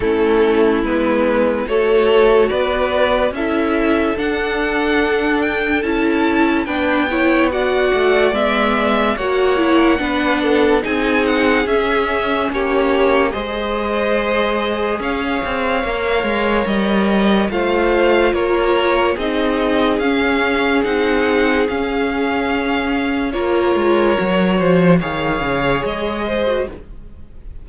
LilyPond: <<
  \new Staff \with { instrumentName = "violin" } { \time 4/4 \tempo 4 = 72 a'4 b'4 cis''4 d''4 | e''4 fis''4. g''8 a''4 | g''4 fis''4 e''4 fis''4~ | fis''4 gis''8 fis''8 e''4 cis''4 |
dis''2 f''2 | dis''4 f''4 cis''4 dis''4 | f''4 fis''4 f''2 | cis''2 f''4 dis''4 | }
  \new Staff \with { instrumentName = "violin" } { \time 4/4 e'2 a'4 b'4 | a'1 | b'8 cis''8 d''2 cis''4 | b'8 a'8 gis'2 g'4 |
c''2 cis''2~ | cis''4 c''4 ais'4 gis'4~ | gis'1 | ais'4. c''8 cis''4. c''8 | }
  \new Staff \with { instrumentName = "viola" } { \time 4/4 cis'4 b4 fis'2 | e'4 d'2 e'4 | d'8 e'8 fis'4 b4 fis'8 e'8 | d'4 dis'4 cis'2 |
gis'2. ais'4~ | ais'4 f'2 dis'4 | cis'4 dis'4 cis'2 | f'4 fis'4 gis'4.~ gis'16 fis'16 | }
  \new Staff \with { instrumentName = "cello" } { \time 4/4 a4 gis4 a4 b4 | cis'4 d'2 cis'4 | b4. a8 gis4 ais4 | b4 c'4 cis'4 ais4 |
gis2 cis'8 c'8 ais8 gis8 | g4 a4 ais4 c'4 | cis'4 c'4 cis'2 | ais8 gis8 fis8 f8 dis8 cis8 gis4 | }
>>